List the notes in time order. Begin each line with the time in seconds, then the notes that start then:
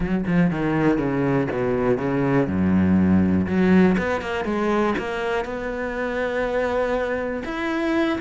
0.00 F#3
0.26 F3
0.50 D#3
0.98 C#3
1.51 B2
1.97 C#3
2.47 F#2
3.46 F#3
3.98 B3
4.21 A#3
4.44 G#3
4.98 A#3
5.44 B3
7.44 E4